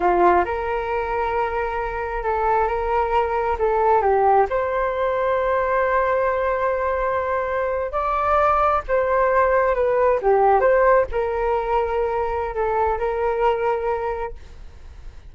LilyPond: \new Staff \with { instrumentName = "flute" } { \time 4/4 \tempo 4 = 134 f'4 ais'2.~ | ais'4 a'4 ais'2 | a'4 g'4 c''2~ | c''1~ |
c''4.~ c''16 d''2 c''16~ | c''4.~ c''16 b'4 g'4 c''16~ | c''8. ais'2.~ ais'16 | a'4 ais'2. | }